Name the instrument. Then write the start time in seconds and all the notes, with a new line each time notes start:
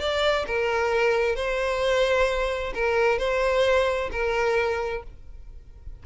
violin
0.00 D5
0.47 A#4
1.36 C5
2.75 A#4
3.19 C5
4.12 A#4